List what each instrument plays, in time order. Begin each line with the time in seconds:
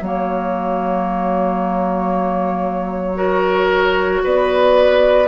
0.00 bassoon F#3, clarinet A#3, oboe F#4, flute C#5
3.15 clarinet F#4, oboe A#4
4.24 bassoon B3, oboe B4, flute D5